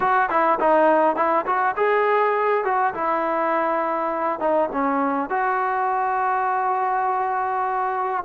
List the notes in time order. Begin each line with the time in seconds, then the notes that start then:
0.00 F#4
0.29 E4
0.60 D#4
1.16 E4
1.45 F#4
1.76 G#4
2.64 F#4
2.94 E4
4.39 D#4
4.72 C#4
5.29 F#4